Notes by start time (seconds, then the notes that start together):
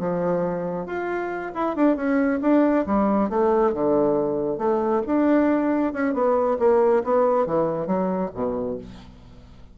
0.00 F3
0.87 F4
1.55 E4
1.76 D4
1.96 C#4
2.42 D4
2.87 G3
3.30 A3
3.74 D3
4.58 A3
5.07 D4
5.94 C#4
6.14 B3
6.60 A#3
7.04 B3
7.47 E3
7.87 F#3
8.35 B2